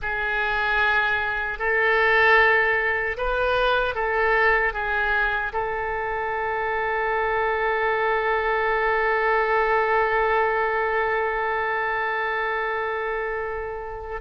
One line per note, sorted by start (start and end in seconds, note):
0.01 1.58 G#4
1.58 3.16 A4
3.17 3.94 B4
3.94 4.73 A4
4.73 5.52 G#4
5.52 14.21 A4